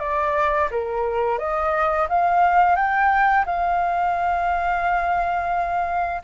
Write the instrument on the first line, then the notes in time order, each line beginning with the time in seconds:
flute
0.00 D5
0.71 A#4
1.39 D#5
2.09 F5
2.76 G5
3.46 F5